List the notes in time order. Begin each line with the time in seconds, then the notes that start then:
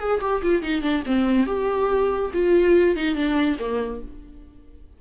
0.00 G#4
0.22 G4
0.43 F4
0.63 D#4
0.83 D4
1.07 C4
1.47 G4
2.34 F4
2.96 D#4
3.16 D4
3.60 A#3